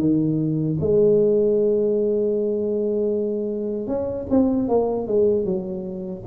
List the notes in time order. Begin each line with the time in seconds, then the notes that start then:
0.00 D#3
0.81 G#3
3.87 C#4
4.30 C4
4.69 A#3
5.08 G#3
5.45 F#3